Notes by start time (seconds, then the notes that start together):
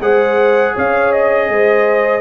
0.00 G#3 G#4 C5 F#5
0.74 C#4 C#5 F5
1.12 D#5
1.49 G#3 C5